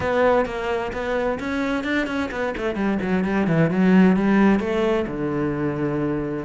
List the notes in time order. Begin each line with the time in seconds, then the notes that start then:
0.00 B3
0.45 A#3
0.92 B3
1.39 C#4
1.84 D4
2.06 C#4
2.31 B3
2.57 A3
2.75 G3
3.02 F#3
3.24 G3
3.47 E3
3.70 F#3
4.16 G3
4.59 A3
5.07 D3